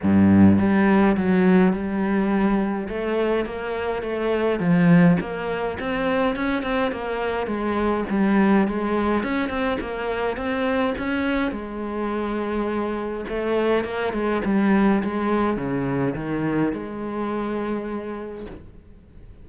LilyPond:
\new Staff \with { instrumentName = "cello" } { \time 4/4 \tempo 4 = 104 g,4 g4 fis4 g4~ | g4 a4 ais4 a4 | f4 ais4 c'4 cis'8 c'8 | ais4 gis4 g4 gis4 |
cis'8 c'8 ais4 c'4 cis'4 | gis2. a4 | ais8 gis8 g4 gis4 cis4 | dis4 gis2. | }